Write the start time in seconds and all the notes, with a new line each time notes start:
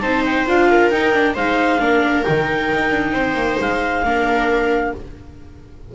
0.00 C4 D#4 C5 A5
0.25 G5
0.46 D4 F4 F5
0.70 A#4
0.90 D#4 G5
1.13 D4
1.34 G#3 D#4 C5 F5
1.79 A#3 D4 A#4
2.23 D#3 D#4 G5
2.74 D#4
2.90 D4
3.12 C4 C5
3.34 A#3
3.59 G#3 F5
4.04 A#3 D4 A#4